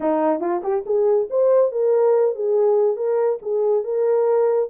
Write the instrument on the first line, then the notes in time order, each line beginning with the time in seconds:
horn
0.00 D#4
0.40 F4
0.63 G4
0.85 G#4
1.30 C5
1.71 A#4
2.35 G#4
2.96 A#4
3.42 G#4
3.84 A#4